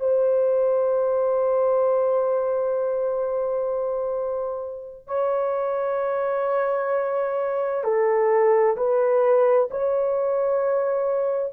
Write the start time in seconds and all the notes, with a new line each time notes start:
0.00 C5
5.07 C#5
7.84 A4
8.77 B4
9.71 C#5